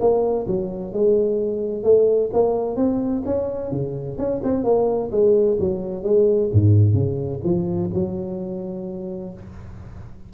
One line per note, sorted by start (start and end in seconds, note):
0.00 0.47 A#3
0.47 0.93 F#3
0.93 1.83 G#3
1.83 2.30 A3
2.33 2.76 A#3
2.76 3.23 C4
3.25 3.71 C#4
3.71 4.18 C#3
4.18 4.41 C#4
4.43 4.64 C4
4.64 5.10 A#3
5.11 5.58 G#3
5.60 6.03 F#3
6.03 6.50 G#3
6.52 6.94 G#2
6.94 7.40 C#3
7.44 7.90 F3
7.94 9.33 F#3